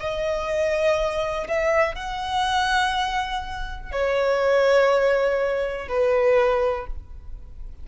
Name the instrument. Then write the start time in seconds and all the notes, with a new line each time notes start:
violin
0.00 D#5
1.48 E5
1.95 F#5
3.92 C#5
5.89 B4